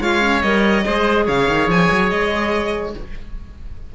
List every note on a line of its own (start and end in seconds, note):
0.00 0.42 G#3
0.00 0.20 F4
0.00 0.85 C#5
0.00 0.42 F5
0.20 0.41 C#4
0.42 0.85 G3
0.42 0.84 A#4
0.42 1.26 D#5
0.84 1.28 G#3
0.84 2.94 G#4
0.84 1.25 C5
1.25 1.48 C#3
1.25 2.93 C#5
1.25 1.70 F5
1.48 1.68 D#3
1.68 1.89 F3
1.68 2.10 G#5
1.91 2.11 F#3
2.10 2.95 G#3
2.10 2.94 D#5